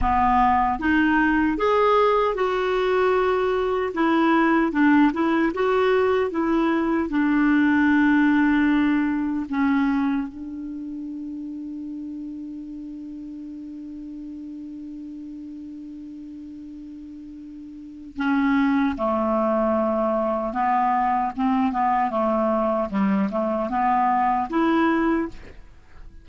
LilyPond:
\new Staff \with { instrumentName = "clarinet" } { \time 4/4 \tempo 4 = 76 b4 dis'4 gis'4 fis'4~ | fis'4 e'4 d'8 e'8 fis'4 | e'4 d'2. | cis'4 d'2.~ |
d'1~ | d'2. cis'4 | a2 b4 c'8 b8 | a4 g8 a8 b4 e'4 | }